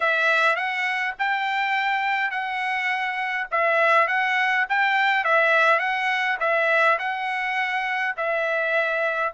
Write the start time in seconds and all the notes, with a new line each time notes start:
0.00 E5
0.56 F#5
1.19 G5
2.30 F#5
3.51 E5
4.07 F#5
4.69 G5
5.24 E5
5.79 F#5
6.40 E5
6.98 F#5
8.16 E5